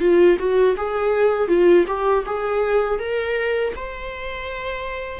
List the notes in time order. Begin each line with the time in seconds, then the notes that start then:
0.00 F4
0.39 F#4
0.77 G#4
1.48 F4
1.87 G4
2.26 G#4
2.99 A#4
3.76 C5